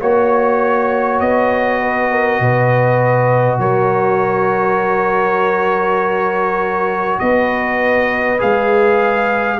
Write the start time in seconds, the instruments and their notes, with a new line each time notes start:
0.00 tuba A#3, trombone F#4, horn C#5, trumpet C#5
1.20 tuba B3, trumpet D#5
1.80 horn B4
2.11 horn A#4
2.40 tuba B2, horn B4
3.59 tuba F#3, horn A#4, trumpet C#5
7.19 tuba B3, horn B4, trumpet D#5
8.39 tuba G#3, trombone G#4, trumpet F5